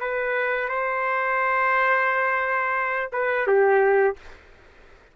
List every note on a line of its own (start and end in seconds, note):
0.00 0.69 B4
0.69 3.10 C5
3.13 3.47 B4
3.47 4.16 G4